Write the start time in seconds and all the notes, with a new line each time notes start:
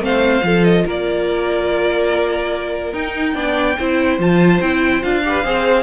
0.00 A3 C4 C5 F5
0.43 F3 F4 A4
0.64 D#5
0.86 A#3 A#4 D5
2.94 D#4 G5
3.34 B3 D4 D5
3.78 C4 E4 C5
4.19 F3 F4 A5
4.61 C4 E4 G5
5.02 D4 F4 F5
5.24 G4 B4
5.45 C4 G#4 C5